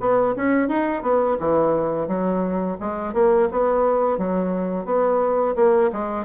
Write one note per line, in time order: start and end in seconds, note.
0.00 0.35 B3
0.36 0.68 C#4
0.68 1.02 D#4
1.02 1.37 B3
1.39 2.07 E3
2.07 2.77 F#3
2.80 3.14 G#3
3.14 3.49 A#3
3.51 4.18 B3
4.18 4.86 F#3
4.86 5.55 B3
5.56 5.90 A#3
5.92 6.25 G#3